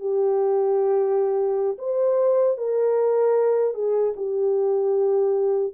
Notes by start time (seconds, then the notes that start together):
0.00 G4
1.78 C5
2.57 A#4
3.74 G#4
4.16 G4